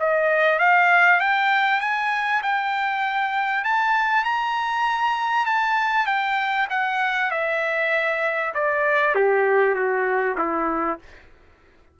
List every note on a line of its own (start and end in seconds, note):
0.00 0.60 D#5
0.60 1.21 F5
1.21 1.81 G5
1.81 2.42 G#5
2.43 3.65 G5
3.65 4.25 A5
4.25 5.46 A#5
5.46 6.06 A5
6.06 6.68 G5
6.70 7.31 F#5
7.31 8.54 E5
8.55 9.16 D5
9.16 9.75 G4
9.75 10.37 F#4
10.38 11.00 E4